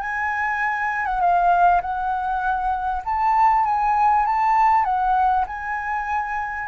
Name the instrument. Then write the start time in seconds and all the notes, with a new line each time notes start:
flute
0.00 G#5
1.05 F#5
1.20 F5
1.81 F#5
3.05 A5
3.65 G#5
4.25 A5
4.84 F#5
5.47 G#5